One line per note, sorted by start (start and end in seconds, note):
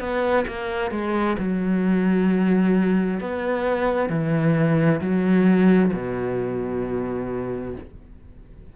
0.00 0.45 B3
0.48 0.91 A#3
0.91 1.37 G#3
1.39 3.21 F#3
3.21 4.10 B3
4.10 5.01 E3
5.01 5.92 F#3
5.93 7.75 B2